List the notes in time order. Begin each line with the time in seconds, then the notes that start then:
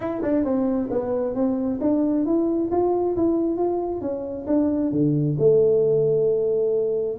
0.00 E4
0.22 D4
0.44 C4
0.91 B3
1.34 C4
1.81 D4
2.25 E4
2.71 F4
3.16 E4
3.57 F4
4.01 C#4
4.47 D4
4.91 D3
5.39 A3